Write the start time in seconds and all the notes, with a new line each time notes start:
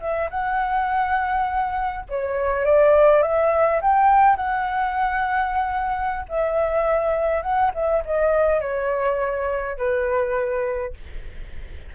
0.00 E5
0.30 F#5
2.09 C#5
2.65 D5
3.22 E5
3.81 G5
4.36 F#5
6.28 E5
7.42 F#5
7.74 E5
8.05 D#5
8.61 C#5
9.77 B4